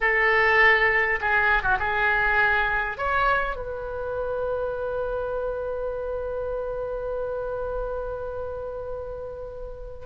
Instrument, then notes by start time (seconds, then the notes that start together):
oboe
0.01 A4
1.20 G#4
1.63 F#4
1.79 G#4
2.97 C#5
3.56 B4